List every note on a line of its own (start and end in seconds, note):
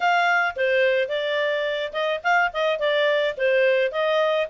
0.00 0.55 F5
0.56 1.08 C5
1.08 1.92 D5
1.92 2.20 D#5
2.23 2.51 F5
2.53 2.79 D#5
2.79 3.35 D5
3.37 3.91 C5
3.91 4.47 D#5